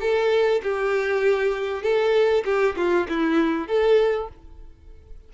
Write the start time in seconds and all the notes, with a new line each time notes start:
0.00 A4
0.62 G4
1.83 A4
2.45 G4
2.76 F4
3.09 E4
3.67 A4